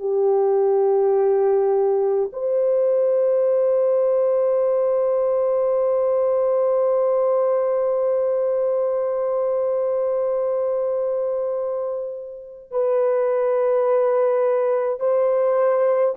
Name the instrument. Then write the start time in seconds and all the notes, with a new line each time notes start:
horn
0.00 G4
2.33 C5
12.71 B4
15.00 C5